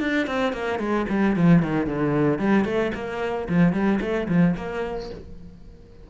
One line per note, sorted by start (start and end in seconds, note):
0.00 0.27 D4
0.27 0.53 C4
0.53 0.80 A#3
0.80 1.06 G#3
1.10 1.36 G3
1.36 1.62 F3
1.62 1.87 D#3
1.87 2.39 D3
2.39 2.65 G3
2.65 2.92 A3
2.95 3.48 A#3
3.49 3.73 F3
3.73 4.00 G3
4.01 4.28 A3
4.29 4.55 F3
4.57 5.10 A#3